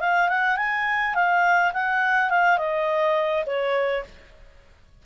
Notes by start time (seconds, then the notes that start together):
0.00 F5
0.28 F#5
0.57 G#5
1.14 F5
1.73 F#5
2.29 F5
2.58 D#5
3.46 C#5